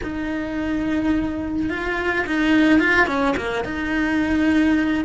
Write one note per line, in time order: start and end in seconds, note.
0.03 1.69 D#4
1.69 2.25 F4
2.26 2.79 D#4
2.79 3.06 F4
3.06 3.34 C#4
3.36 3.64 A#3
3.64 5.04 D#4